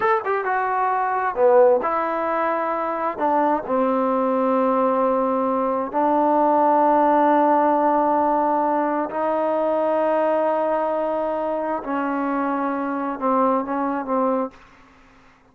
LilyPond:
\new Staff \with { instrumentName = "trombone" } { \time 4/4 \tempo 4 = 132 a'8 g'8 fis'2 b4 | e'2. d'4 | c'1~ | c'4 d'2.~ |
d'1 | dis'1~ | dis'2 cis'2~ | cis'4 c'4 cis'4 c'4 | }